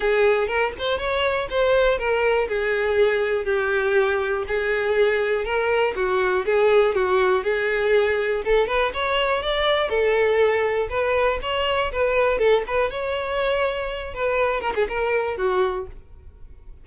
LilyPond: \new Staff \with { instrumentName = "violin" } { \time 4/4 \tempo 4 = 121 gis'4 ais'8 c''8 cis''4 c''4 | ais'4 gis'2 g'4~ | g'4 gis'2 ais'4 | fis'4 gis'4 fis'4 gis'4~ |
gis'4 a'8 b'8 cis''4 d''4 | a'2 b'4 cis''4 | b'4 a'8 b'8 cis''2~ | cis''8 b'4 ais'16 gis'16 ais'4 fis'4 | }